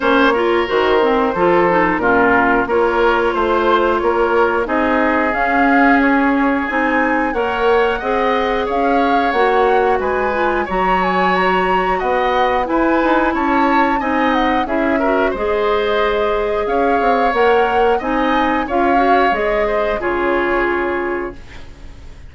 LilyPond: <<
  \new Staff \with { instrumentName = "flute" } { \time 4/4 \tempo 4 = 90 cis''4 c''2 ais'4 | cis''4 c''4 cis''4 dis''4 | f''4 cis''4 gis''4 fis''4~ | fis''4 f''4 fis''4 gis''4 |
ais''8 gis''8 ais''4 fis''4 gis''4 | a''4 gis''8 fis''8 e''4 dis''4~ | dis''4 f''4 fis''4 gis''4 | f''4 dis''4 cis''2 | }
  \new Staff \with { instrumentName = "oboe" } { \time 4/4 c''8 ais'4. a'4 f'4 | ais'4 c''4 ais'4 gis'4~ | gis'2. cis''4 | dis''4 cis''2 b'4 |
cis''2 dis''4 b'4 | cis''4 dis''4 gis'8 ais'8 c''4~ | c''4 cis''2 dis''4 | cis''4. c''8 gis'2 | }
  \new Staff \with { instrumentName = "clarinet" } { \time 4/4 cis'8 f'8 fis'8 c'8 f'8 dis'8 cis'4 | f'2. dis'4 | cis'2 dis'4 ais'4 | gis'2 fis'4. f'8 |
fis'2. e'4~ | e'4 dis'4 e'8 fis'8 gis'4~ | gis'2 ais'4 dis'4 | f'8 fis'8 gis'4 f'2 | }
  \new Staff \with { instrumentName = "bassoon" } { \time 4/4 ais4 dis4 f4 ais,4 | ais4 a4 ais4 c'4 | cis'2 c'4 ais4 | c'4 cis'4 ais4 gis4 |
fis2 b4 e'8 dis'8 | cis'4 c'4 cis'4 gis4~ | gis4 cis'8 c'8 ais4 c'4 | cis'4 gis4 cis2 | }
>>